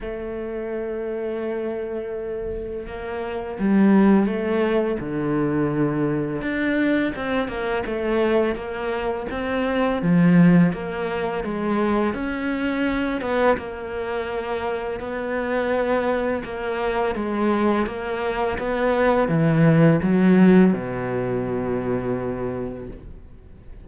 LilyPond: \new Staff \with { instrumentName = "cello" } { \time 4/4 \tempo 4 = 84 a1 | ais4 g4 a4 d4~ | d4 d'4 c'8 ais8 a4 | ais4 c'4 f4 ais4 |
gis4 cis'4. b8 ais4~ | ais4 b2 ais4 | gis4 ais4 b4 e4 | fis4 b,2. | }